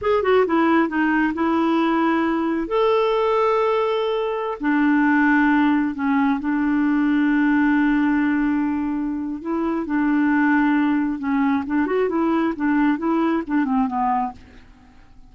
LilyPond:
\new Staff \with { instrumentName = "clarinet" } { \time 4/4 \tempo 4 = 134 gis'8 fis'8 e'4 dis'4 e'4~ | e'2 a'2~ | a'2~ a'16 d'4.~ d'16~ | d'4~ d'16 cis'4 d'4.~ d'16~ |
d'1~ | d'4 e'4 d'2~ | d'4 cis'4 d'8 fis'8 e'4 | d'4 e'4 d'8 c'8 b4 | }